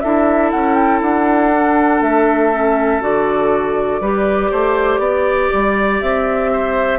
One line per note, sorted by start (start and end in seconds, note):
0.00 0.53 D4
0.00 1.52 E4
0.00 4.01 A4
0.00 0.50 E5
0.50 1.01 C#4
0.50 0.75 F#5
0.75 1.00 G5
1.01 2.01 D4
1.01 2.02 F#5
1.52 2.52 D4
2.01 3.01 A3
2.01 3.02 E5
2.52 3.01 C#4
3.01 4.00 D3
3.01 4.01 F#4
3.01 6.01 D5
4.00 4.50 G3
4.00 6.99 G4
4.00 4.51 B4
4.51 4.98 A3
4.51 5.00 C5
4.98 5.48 B3
4.98 6.50 D5
5.53 6.01 G3
6.01 6.99 C4
6.01 6.99 E5
6.52 6.99 C5